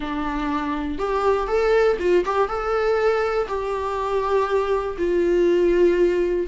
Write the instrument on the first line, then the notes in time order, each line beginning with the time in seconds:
viola
0.00 D4
0.98 G4
1.47 A4
1.99 F4
2.25 G4
2.48 A4
3.48 G4
4.98 F4